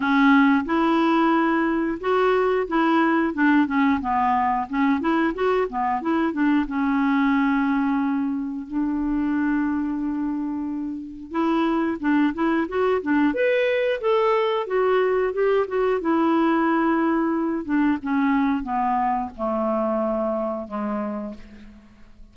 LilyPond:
\new Staff \with { instrumentName = "clarinet" } { \time 4/4 \tempo 4 = 90 cis'4 e'2 fis'4 | e'4 d'8 cis'8 b4 cis'8 e'8 | fis'8 b8 e'8 d'8 cis'2~ | cis'4 d'2.~ |
d'4 e'4 d'8 e'8 fis'8 d'8 | b'4 a'4 fis'4 g'8 fis'8 | e'2~ e'8 d'8 cis'4 | b4 a2 gis4 | }